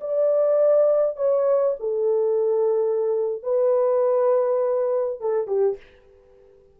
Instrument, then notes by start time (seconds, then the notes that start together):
horn
0.00 D5
1.16 C#5
1.80 A4
3.43 B4
5.20 A4
5.47 G4